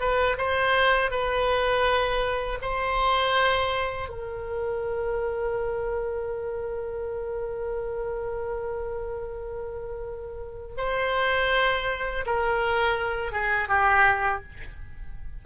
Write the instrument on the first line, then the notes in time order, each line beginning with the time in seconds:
oboe
0.00 B4
0.37 C5
1.11 B4
2.62 C5
4.09 A#4
10.77 C5
12.26 A#4
13.32 G#4
13.68 G4